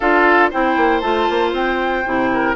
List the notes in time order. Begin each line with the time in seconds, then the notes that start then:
0.00 D4 F4 A4 F5
0.50 C4 E4 C5 G5
0.76 A#3
0.99 A3 F4 A5
1.29 A#3
1.52 C4 G5
2.05 C3 E4
2.33 A#4